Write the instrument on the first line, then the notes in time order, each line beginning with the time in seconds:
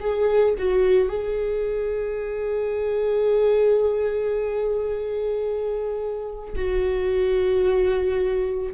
viola
0.00 G#4
0.58 F#4
1.09 G#4
6.56 F#4